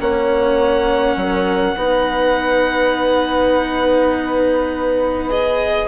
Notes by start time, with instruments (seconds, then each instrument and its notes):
0.00 bassoon A#3, cello C#4, horn C#5, violin F#5
1.16 bassoon F#3, horn A#4
1.77 bassoon B3, cello D#4, horn B4
5.30 cello G#4, violin D#5